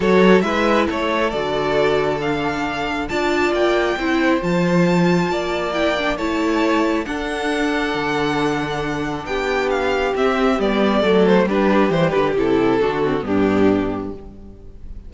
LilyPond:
<<
  \new Staff \with { instrumentName = "violin" } { \time 4/4 \tempo 4 = 136 cis''4 e''4 cis''4 d''4~ | d''4 f''2 a''4 | g''2 a''2~ | a''4 g''4 a''2 |
fis''1~ | fis''4 g''4 f''4 e''4 | d''4. c''8 b'4 c''8 b'8 | a'2 g'2 | }
  \new Staff \with { instrumentName = "violin" } { \time 4/4 a'4 b'4 a'2~ | a'2. d''4~ | d''4 c''2. | d''2 cis''2 |
a'1~ | a'4 g'2.~ | g'4 a'4 g'2~ | g'4 fis'4 d'2 | }
  \new Staff \with { instrumentName = "viola" } { \time 4/4 fis'4 e'2 fis'4~ | fis'4 d'2 f'4~ | f'4 e'4 f'2~ | f'4 e'8 d'8 e'2 |
d'1~ | d'2. c'4 | b4 a4 d'4 g4 | e'4 d'8 c'8 b2 | }
  \new Staff \with { instrumentName = "cello" } { \time 4/4 fis4 gis4 a4 d4~ | d2. d'4 | ais4 c'4 f2 | ais2 a2 |
d'2 d2~ | d4 b2 c'4 | g4 fis4 g4 e8 d8 | c4 d4 g,2 | }
>>